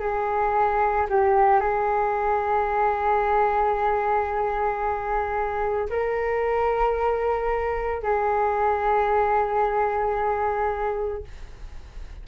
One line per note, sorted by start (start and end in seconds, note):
0.00 1.07 G#4
1.10 1.60 G4
1.60 5.89 G#4
5.90 8.03 A#4
8.03 11.24 G#4